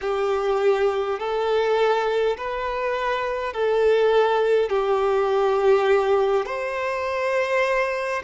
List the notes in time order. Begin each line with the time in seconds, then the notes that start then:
0.01 G4
1.19 A4
2.37 B4
3.53 A4
4.69 G4
6.45 C5